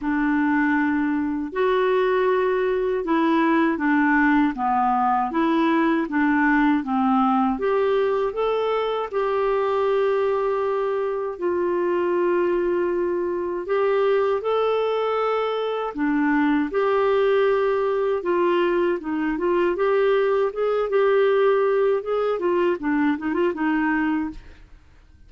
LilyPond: \new Staff \with { instrumentName = "clarinet" } { \time 4/4 \tempo 4 = 79 d'2 fis'2 | e'4 d'4 b4 e'4 | d'4 c'4 g'4 a'4 | g'2. f'4~ |
f'2 g'4 a'4~ | a'4 d'4 g'2 | f'4 dis'8 f'8 g'4 gis'8 g'8~ | g'4 gis'8 f'8 d'8 dis'16 f'16 dis'4 | }